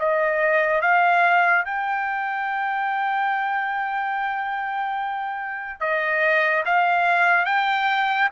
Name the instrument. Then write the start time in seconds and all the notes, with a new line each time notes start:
trumpet
0.00 D#5
0.82 F5
1.66 G5
5.81 D#5
6.66 F5
7.46 G5